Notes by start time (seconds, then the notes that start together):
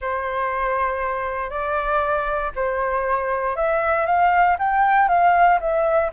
0.01 C5
1.50 D5
2.55 C5
3.55 E5
4.06 F5
4.59 G5
5.08 F5
5.60 E5